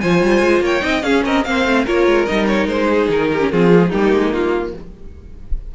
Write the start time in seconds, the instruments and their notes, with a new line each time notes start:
0.00 cello F3, viola F4, violin C5 G#5
0.22 cello G3
0.42 cello G#3
0.60 cello A#3, violin C#5 G5
0.80 cello C4, viola D#4, violin D#5
1.03 cello C#4, viola C#4, violin G#4 F5
1.25 cello C4, violin A#4 D#5
1.44 cello A#3, viola C4, violin C5 F5
1.66 cello A3
1.84 cello A#3, viola F4, violin A#4 C#5
2.07 cello G#3
2.26 cello G3, viola D#4, violin D#5
2.47 violin C#5
2.66 cello G#3, violin C5
2.90 violin G#4
3.09 cello D#3, violin A#4
3.32 violin G4
3.40 viola C#4
3.52 cello F3, viola C4, violin F4 G#4
3.73 viola A#3
3.79 viola G#3
3.89 cello G3, viola A#3, violin D#4 G4
4.13 cello G#3
4.32 cello A#3, violin F4